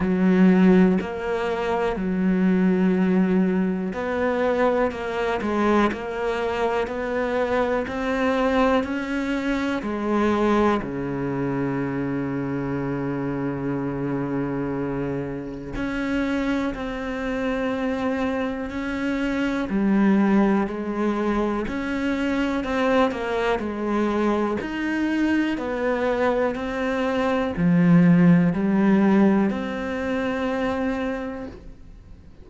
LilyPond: \new Staff \with { instrumentName = "cello" } { \time 4/4 \tempo 4 = 61 fis4 ais4 fis2 | b4 ais8 gis8 ais4 b4 | c'4 cis'4 gis4 cis4~ | cis1 |
cis'4 c'2 cis'4 | g4 gis4 cis'4 c'8 ais8 | gis4 dis'4 b4 c'4 | f4 g4 c'2 | }